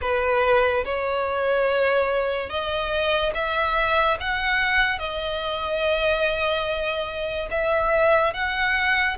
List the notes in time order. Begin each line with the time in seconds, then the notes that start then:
0.01 B4
0.84 C#5
2.49 D#5
3.34 E5
4.19 F#5
4.98 D#5
7.50 E5
8.33 F#5